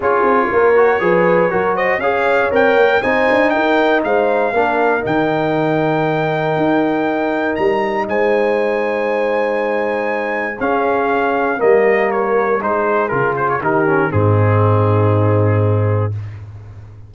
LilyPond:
<<
  \new Staff \with { instrumentName = "trumpet" } { \time 4/4 \tempo 4 = 119 cis''2.~ cis''8 dis''8 | f''4 g''4 gis''4 g''4 | f''2 g''2~ | g''2. ais''4 |
gis''1~ | gis''4 f''2 dis''4 | cis''4 c''4 ais'8 c''16 cis''16 ais'4 | gis'1 | }
  \new Staff \with { instrumentName = "horn" } { \time 4/4 gis'4 ais'4 b'4 ais'8 c''8 | cis''2 c''4 ais'4 | c''4 ais'2.~ | ais'1 |
c''1~ | c''4 gis'2 ais'4~ | ais'4 gis'2 g'4 | dis'1 | }
  \new Staff \with { instrumentName = "trombone" } { \time 4/4 f'4. fis'8 gis'4 fis'4 | gis'4 ais'4 dis'2~ | dis'4 d'4 dis'2~ | dis'1~ |
dis'1~ | dis'4 cis'2 ais4~ | ais4 dis'4 f'4 dis'8 cis'8 | c'1 | }
  \new Staff \with { instrumentName = "tuba" } { \time 4/4 cis'8 c'8 ais4 f4 fis4 | cis'4 c'8 ais8 c'8 d'8 dis'4 | gis4 ais4 dis2~ | dis4 dis'2 g4 |
gis1~ | gis4 cis'2 g4~ | g4 gis4 cis4 dis4 | gis,1 | }
>>